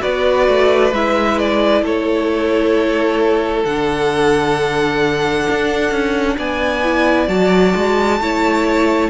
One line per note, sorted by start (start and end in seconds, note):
0.00 0.48 B3
0.00 0.91 F#4
0.00 1.82 B4
0.00 0.93 D5
0.48 0.92 A3
0.92 1.82 G#3
0.92 3.68 E4
0.92 1.39 E5
1.39 1.84 D5
1.82 3.64 A3
1.82 6.37 A4
1.82 3.65 C#5
3.65 5.47 D3
3.65 6.84 D4
3.65 6.37 F#5
5.50 5.91 D4
5.91 6.37 C#4
6.37 7.28 B3
6.37 8.19 D5
6.37 7.28 G#5
6.84 7.28 E4
7.28 7.74 F#3
7.28 8.19 F#4
7.28 9.10 A5
7.76 8.20 G#3
8.20 9.10 A3
8.20 9.10 E4
8.20 9.10 C#5